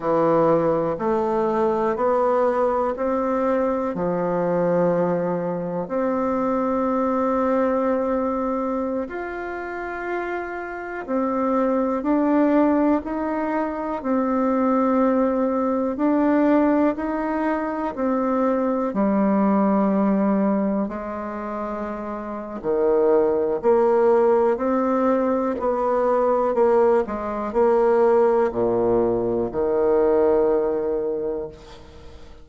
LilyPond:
\new Staff \with { instrumentName = "bassoon" } { \time 4/4 \tempo 4 = 61 e4 a4 b4 c'4 | f2 c'2~ | c'4~ c'16 f'2 c'8.~ | c'16 d'4 dis'4 c'4.~ c'16~ |
c'16 d'4 dis'4 c'4 g8.~ | g4~ g16 gis4.~ gis16 dis4 | ais4 c'4 b4 ais8 gis8 | ais4 ais,4 dis2 | }